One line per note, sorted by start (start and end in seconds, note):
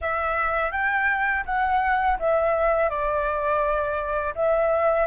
0.01 0.71 E5
0.71 1.44 G5
1.45 2.18 F#5
2.19 2.89 E5
2.89 4.34 D5
4.35 5.06 E5